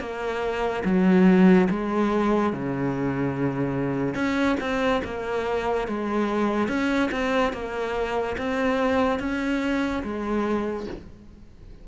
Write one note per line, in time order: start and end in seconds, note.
0.00 0.83 A#3
0.85 1.68 F#3
1.70 2.53 G#3
2.53 4.15 C#3
4.15 4.57 C#4
4.61 5.02 C4
5.05 5.88 A#3
5.88 6.69 G#3
6.69 7.10 C#4
7.12 7.53 C4
7.53 8.36 A#3
8.38 9.20 C4
9.20 10.03 C#4
10.04 10.87 G#3